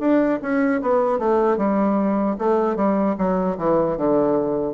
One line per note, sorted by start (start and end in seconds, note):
0.00 0.39 D4
0.42 0.81 C#4
0.82 1.19 B3
1.19 1.58 A3
1.58 2.36 G3
2.39 2.76 A3
2.76 3.16 G3
3.18 3.57 F#3
3.58 3.97 E3
3.97 4.74 D3